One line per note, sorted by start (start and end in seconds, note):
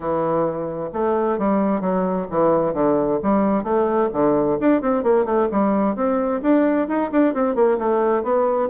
0.00 0.89 E3
0.93 1.38 A3
1.38 1.80 G3
1.80 2.26 F#3
2.30 2.73 E3
2.73 3.19 D3
3.22 3.63 G3
3.63 4.09 A3
4.12 4.58 D3
4.59 4.81 D4
4.81 5.03 C4
5.03 5.25 A#3
5.25 5.48 A3
5.51 5.95 G3
5.95 6.41 C4
6.42 6.88 D4
6.88 7.11 D#4
7.11 7.33 D4
7.33 7.55 C4
7.55 7.78 A#3
7.78 8.23 A3
8.23 8.69 B3